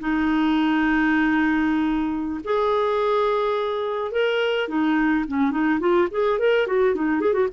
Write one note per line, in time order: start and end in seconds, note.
0.00 2.41 D#4
2.44 4.12 G#4
4.12 4.68 A#4
4.69 5.25 D#4
5.28 5.51 C#4
5.51 5.79 D#4
5.80 6.08 F4
6.11 6.39 G#4
6.39 6.67 A#4
6.67 6.95 F#4
6.95 7.21 D#4
7.21 7.33 G#4
7.33 7.47 F#4